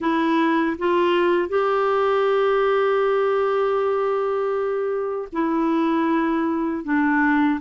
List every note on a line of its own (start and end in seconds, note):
0.00 0.76 E4
0.78 1.48 F4
1.48 5.28 G4
5.32 6.84 E4
6.84 7.59 D4